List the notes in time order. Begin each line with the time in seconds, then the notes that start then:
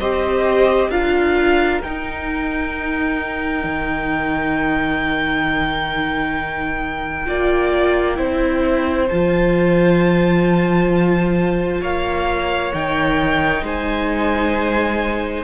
0.00 C4 G4 C5 D#5
0.89 D4 F4 A#4 F5
1.83 D#4 G5
3.64 D#3
7.26 A#3 F4 D5
8.16 C4 E4 C5
9.08 F3 F4 A5
11.81 A#3 C#5 F5
12.73 D#3 D#4 G5
13.62 G#3 C5 G#5